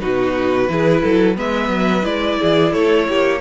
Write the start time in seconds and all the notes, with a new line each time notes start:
0.00 B2 D#4 F#4 B4
0.68 E3 E4 G#4
1.02 F#3 A4
1.36 G#3 B3 B4 E5
1.69 F#3
2.02 G#3 E4 D5
2.39 E3 G#4
2.73 A3 A4 C#5
3.08 A#3 G4